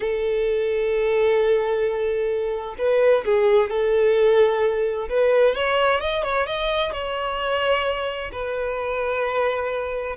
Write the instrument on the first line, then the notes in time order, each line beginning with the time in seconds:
violin
0.00 A4
2.78 B4
3.25 G#4
3.70 A4
5.09 B4
5.55 C#5
6.00 D#5
6.23 C#5
6.46 D#5
6.92 C#5
8.32 B4